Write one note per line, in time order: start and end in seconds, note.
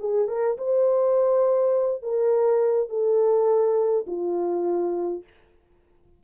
0.00 0.28 G#4
0.28 0.57 A#4
0.58 2.02 C5
2.02 2.89 A#4
2.89 4.06 A4
4.07 5.24 F4